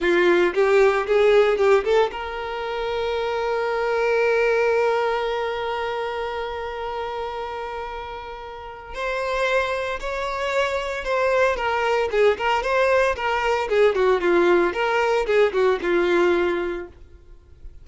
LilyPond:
\new Staff \with { instrumentName = "violin" } { \time 4/4 \tempo 4 = 114 f'4 g'4 gis'4 g'8 a'8 | ais'1~ | ais'1~ | ais'1~ |
ais'4 c''2 cis''4~ | cis''4 c''4 ais'4 gis'8 ais'8 | c''4 ais'4 gis'8 fis'8 f'4 | ais'4 gis'8 fis'8 f'2 | }